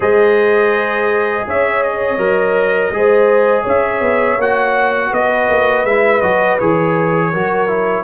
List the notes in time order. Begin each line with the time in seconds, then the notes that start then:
0.00 G#3 G#4 C5 D#5
1.46 C#4 C#5 E5
1.82 D#5
2.17 F#3 A#4
2.90 G#3 G#4 C5
3.62 C#4 C#5 E5
4.00 B3
4.37 A#3 F#4 F#5
5.10 B3 B4 D#5
5.49 A#3
5.84 G#3 E4 E5
6.21 F#3 F#4 D#5
6.59 E3 G#4 C#5
7.31 F#3 F#4 A#4
7.67 E4